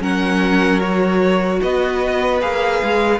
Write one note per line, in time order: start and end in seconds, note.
0.00 1.60 F#3
0.00 0.80 C#4
0.00 1.61 A#4
0.00 0.80 F#5
0.80 2.40 F#4
0.80 1.60 C#5
1.61 2.42 B3
1.61 3.20 B4
1.61 2.41 D#5
2.41 2.82 A#3
2.41 3.20 G#4
2.41 3.20 F5
2.83 3.20 G#3